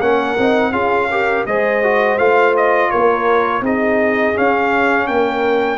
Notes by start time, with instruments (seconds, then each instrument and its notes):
0.00 tuba A#3, trombone C#4, horn A#4, trumpet F#5
0.38 tuba C4, trombone D#4
0.72 tuba C#4, trombone F4, horn G#4, trumpet F5
1.11 trombone G4, horn A#4
1.46 tuba G#3, trombone G#4, horn C5, trumpet D#5
1.83 trombone F#4
2.19 tuba A3, trombone F4, trumpet F5
2.57 trumpet D#5
2.91 tuba A#3, horn A#4, trumpet C#5
3.61 tuba C4, trombone D#4, horn G#4, trumpet D#5
4.35 trombone C#4, tuba C#4, trumpet F5
5.07 tuba A#3, horn A#4, trumpet G5